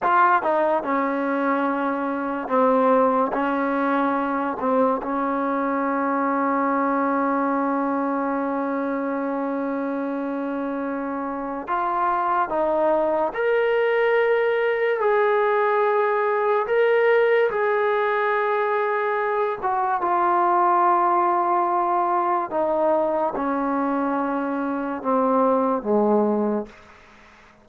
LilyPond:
\new Staff \with { instrumentName = "trombone" } { \time 4/4 \tempo 4 = 72 f'8 dis'8 cis'2 c'4 | cis'4. c'8 cis'2~ | cis'1~ | cis'2 f'4 dis'4 |
ais'2 gis'2 | ais'4 gis'2~ gis'8 fis'8 | f'2. dis'4 | cis'2 c'4 gis4 | }